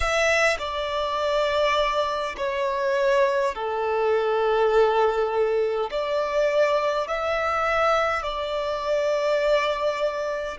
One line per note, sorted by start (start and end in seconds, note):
0.00 0.57 E5
0.59 2.35 D5
2.37 3.55 C#5
3.55 5.90 A4
5.90 7.07 D5
7.07 8.22 E5
8.22 10.58 D5